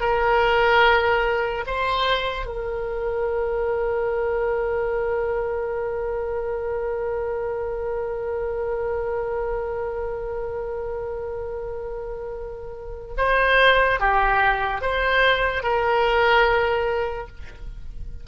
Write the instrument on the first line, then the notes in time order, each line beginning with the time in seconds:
oboe
0.00 A#4
1.66 C5
2.46 A#4
13.17 C5
14.00 G4
14.81 C5
15.63 A#4